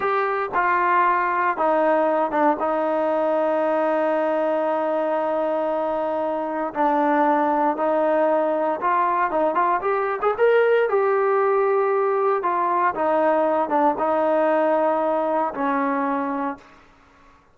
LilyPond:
\new Staff \with { instrumentName = "trombone" } { \time 4/4 \tempo 4 = 116 g'4 f'2 dis'4~ | dis'8 d'8 dis'2.~ | dis'1~ | dis'4 d'2 dis'4~ |
dis'4 f'4 dis'8 f'8 g'8. gis'16 | ais'4 g'2. | f'4 dis'4. d'8 dis'4~ | dis'2 cis'2 | }